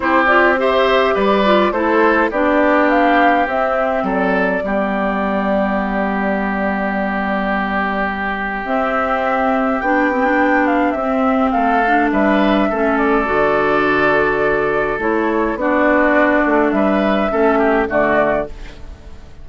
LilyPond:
<<
  \new Staff \with { instrumentName = "flute" } { \time 4/4 \tempo 4 = 104 c''8 d''8 e''4 d''4 c''4 | d''4 f''4 e''4 d''4~ | d''1~ | d''2. e''4~ |
e''4 g''4. f''8 e''4 | f''4 e''4. d''4.~ | d''2 cis''4 d''4~ | d''4 e''2 d''4 | }
  \new Staff \with { instrumentName = "oboe" } { \time 4/4 g'4 c''4 b'4 a'4 | g'2. a'4 | g'1~ | g'1~ |
g'1 | a'4 b'4 a'2~ | a'2. fis'4~ | fis'4 b'4 a'8 g'8 fis'4 | }
  \new Staff \with { instrumentName = "clarinet" } { \time 4/4 e'8 f'8 g'4. f'8 e'4 | d'2 c'2 | b1~ | b2. c'4~ |
c'4 d'8 c'16 d'4~ d'16 c'4~ | c'8 d'4. cis'4 fis'4~ | fis'2 e'4 d'4~ | d'2 cis'4 a4 | }
  \new Staff \with { instrumentName = "bassoon" } { \time 4/4 c'2 g4 a4 | b2 c'4 fis4 | g1~ | g2. c'4~ |
c'4 b2 c'4 | a4 g4 a4 d4~ | d2 a4 b4~ | b8 a8 g4 a4 d4 | }
>>